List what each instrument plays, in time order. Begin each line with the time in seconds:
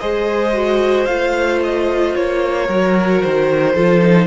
0.00 cello G#3, viola G#4, violin C5 D#5
0.54 viola F#4
1.06 cello A3, viola F4, violin F5
1.64 violin D#5
2.15 cello A#3, violin C#5
2.66 cello F#3, viola F#4, violin A#4
3.22 cello D#3, violin C5
3.75 cello F3, viola F4, violin A4
4.02 viola D#4